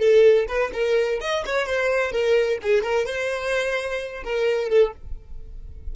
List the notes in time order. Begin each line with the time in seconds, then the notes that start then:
0.00 A4
0.48 B4
0.73 A#4
1.21 D#5
1.46 C#5
1.67 C5
2.12 A#4
2.63 G#4
2.83 A#4
3.06 C5
4.24 A#4
4.70 A4